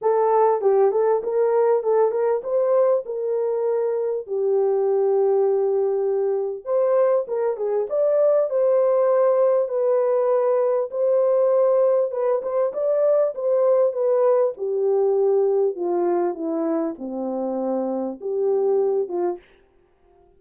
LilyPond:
\new Staff \with { instrumentName = "horn" } { \time 4/4 \tempo 4 = 99 a'4 g'8 a'8 ais'4 a'8 ais'8 | c''4 ais'2 g'4~ | g'2. c''4 | ais'8 gis'8 d''4 c''2 |
b'2 c''2 | b'8 c''8 d''4 c''4 b'4 | g'2 f'4 e'4 | c'2 g'4. f'8 | }